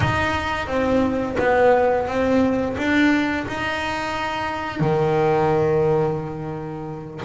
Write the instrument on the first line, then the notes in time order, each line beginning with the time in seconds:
double bass
0.00 D#4
0.67 C4
1.38 B3
2.07 C4
2.77 D4
3.47 D#4
4.80 D#3